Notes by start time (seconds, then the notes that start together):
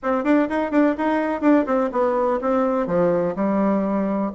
0.02 C4
0.24 D4
0.49 D#4
0.71 D4
0.97 D#4
1.41 D4
1.66 C4
1.92 B3
2.41 C4
2.87 F3
3.35 G3